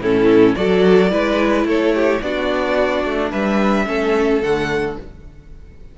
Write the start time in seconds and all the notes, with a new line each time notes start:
0.00 A2 C#4 E4 A4
0.55 F#3 F#4 A4 D5
1.10 G#3 E4 B4
1.65 A3 A4 C#5
1.95 G4
2.22 B3 D4 F#4 D5
3.05 A3
3.31 G3 B4 E5
3.86 A3 C#4 A4
4.42 D3 A3 F#5